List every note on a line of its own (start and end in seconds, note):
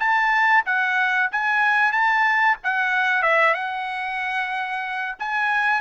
0.00 0.65 A5
0.66 1.30 F#5
1.32 1.93 G#5
1.93 2.57 A5
2.64 3.23 F#5
3.23 3.55 E5
3.55 5.16 F#5
5.20 5.81 G#5